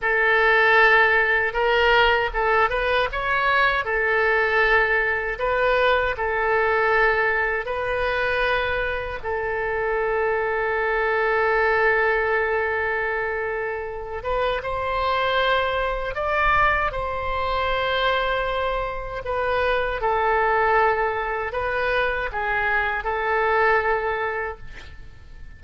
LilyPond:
\new Staff \with { instrumentName = "oboe" } { \time 4/4 \tempo 4 = 78 a'2 ais'4 a'8 b'8 | cis''4 a'2 b'4 | a'2 b'2 | a'1~ |
a'2~ a'8 b'8 c''4~ | c''4 d''4 c''2~ | c''4 b'4 a'2 | b'4 gis'4 a'2 | }